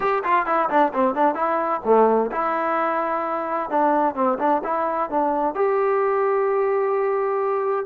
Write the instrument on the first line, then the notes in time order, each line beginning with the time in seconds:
trombone
0.00 G4
0.24 F4
0.46 E4
0.69 D4
0.93 C4
1.15 D4
1.34 E4
1.84 A3
2.31 E4
3.70 D4
4.15 C4
4.38 D4
4.64 E4
5.09 D4
5.54 G4